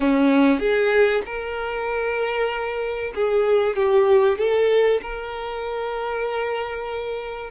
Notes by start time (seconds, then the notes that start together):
0.00 C#4
0.59 G#4
1.25 A#4
3.14 G#4
3.76 G4
4.38 A4
5.01 A#4